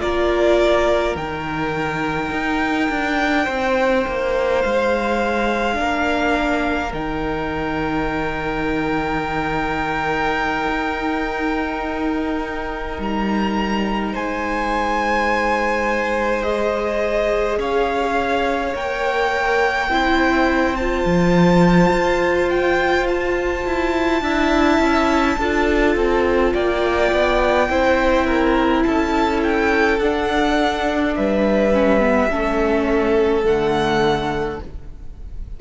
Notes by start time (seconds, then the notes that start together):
0.00 A#3 F4 A#4 D5
1.15 D#3 D#4 G5
2.32 D#4
2.90 D4
3.44 C4 C5
4.08 A#3
4.62 G#3 F5
5.74 A#3 D4 A#4
6.93 D#3 D#4 G5
10.69 D#4
12.99 G3 A#5
14.13 G#3 C5 G#5
16.42 G#4 D#5
17.58 C#4 C#5 F5
18.75 A#3 A#4 G5
19.89 C4 E4 C5
20.76 F4 A5
21.05 F3
21.92 F4
22.50 G5
23.08 A5
23.66 E4
24.22 D4 E4 E5
24.79 C#4
25.38 D4 F4 A4
25.96 C4
26.54 A#3 D5 G5
27.12 B3
27.69 C4 E4 C5
28.27 A#4
28.83 C#4 A4 A5
29.44 G5
29.99 D4 F#5
31.16 G3 B4 E5
31.74 C#4
32.00 B3
32.30 A3 C#4 A4
33.44 D3 A3 F#5